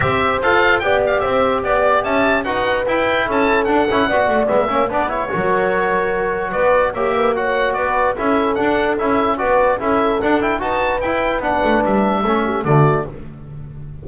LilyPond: <<
  \new Staff \with { instrumentName = "oboe" } { \time 4/4 \tempo 4 = 147 e''4 f''4 g''8 f''8 e''4 | d''4 a''4 fis''4 g''4 | a''4 fis''2 e''4 | d''8 cis''2.~ cis''8 |
d''4 e''4 fis''4 d''4 | e''4 fis''4 e''4 d''4 | e''4 fis''8 g''8 a''4 g''4 | fis''4 e''2 d''4 | }
  \new Staff \with { instrumentName = "horn" } { \time 4/4 c''2 d''4 c''4 | d''4 e''4 b'2 | a'2 d''4. cis''8 | b'4 ais'2. |
b'4 cis''8 b'8 cis''4 b'4 | a'2. b'4 | a'2 b'2~ | b'2 a'8 g'8 fis'4 | }
  \new Staff \with { instrumentName = "trombone" } { \time 4/4 g'4 a'4 g'2~ | g'2 fis'4 e'4~ | e'4 d'8 e'8 fis'4 b8 cis'8 | d'8 e'8 fis'2.~ |
fis'4 g'4 fis'2 | e'4 d'4 e'4 fis'4 | e'4 d'8 e'8 fis'4 e'4 | d'2 cis'4 a4 | }
  \new Staff \with { instrumentName = "double bass" } { \time 4/4 c'4 f'4 b4 c'4 | b4 cis'4 dis'4 e'4 | cis'4 d'8 cis'8 b8 a8 gis8 ais8 | b4 fis2. |
b4 ais2 b4 | cis'4 d'4 cis'4 b4 | cis'4 d'4 dis'4 e'4 | b8 a8 g4 a4 d4 | }
>>